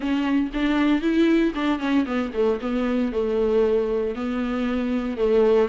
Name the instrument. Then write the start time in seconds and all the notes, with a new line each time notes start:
viola
0.00 C#4
0.53 D4
1.01 E4
1.54 D4
1.79 C#4
2.05 B3
2.33 A3
2.60 B3
3.12 A3
4.15 B3
5.17 A3